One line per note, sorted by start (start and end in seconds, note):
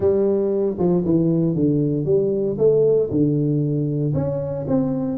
0.00 0.76 G3
0.78 1.04 F3
1.04 1.55 E3
1.55 2.05 D3
2.05 2.57 G3
2.57 3.09 A3
3.10 4.13 D3
4.14 4.65 C#4
4.67 5.18 C4